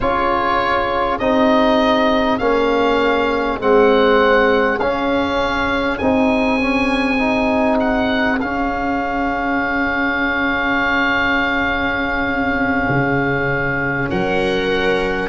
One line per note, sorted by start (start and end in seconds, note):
0.00 1.20 C#4
0.00 1.20 F4
0.00 14.11 G#4
0.00 1.18 C#5
1.19 2.40 C4
1.19 2.39 D#4
1.19 2.38 D#5
2.38 3.59 A#3
2.38 3.59 C#4
2.38 3.58 F5
3.59 4.79 G#3
3.59 4.79 C4
3.59 4.79 F#5
4.79 5.99 C#4
4.79 6.00 C#4
4.79 5.98 F5
5.98 8.41 C4
5.98 6.59 D#4
5.98 7.78 G#5
6.59 7.17 C#4
7.17 8.38 D#4
7.79 8.39 F#5
8.40 12.88 C#4
8.40 15.28 C#4
8.40 14.10 F5
12.88 14.08 C#3
14.10 15.28 F#3
14.10 15.28 A#4
14.10 15.28 F#5